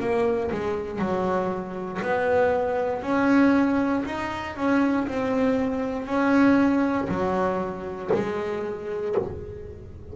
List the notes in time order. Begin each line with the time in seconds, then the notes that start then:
0.00 A#3
0.52 G#3
0.99 F#3
2.02 B3
3.02 C#4
4.05 D#4
4.56 C#4
5.08 C4
6.06 C#4
7.09 F#3
8.14 G#3